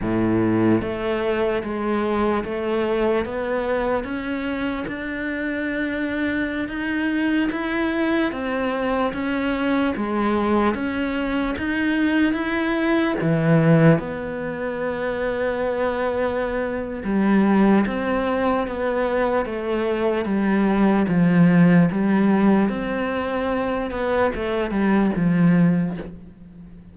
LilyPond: \new Staff \with { instrumentName = "cello" } { \time 4/4 \tempo 4 = 74 a,4 a4 gis4 a4 | b4 cis'4 d'2~ | d'16 dis'4 e'4 c'4 cis'8.~ | cis'16 gis4 cis'4 dis'4 e'8.~ |
e'16 e4 b2~ b8.~ | b4 g4 c'4 b4 | a4 g4 f4 g4 | c'4. b8 a8 g8 f4 | }